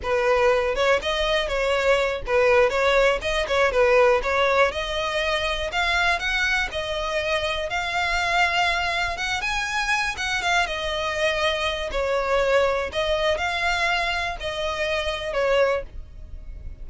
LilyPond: \new Staff \with { instrumentName = "violin" } { \time 4/4 \tempo 4 = 121 b'4. cis''8 dis''4 cis''4~ | cis''8 b'4 cis''4 dis''8 cis''8 b'8~ | b'8 cis''4 dis''2 f''8~ | f''8 fis''4 dis''2 f''8~ |
f''2~ f''8 fis''8 gis''4~ | gis''8 fis''8 f''8 dis''2~ dis''8 | cis''2 dis''4 f''4~ | f''4 dis''2 cis''4 | }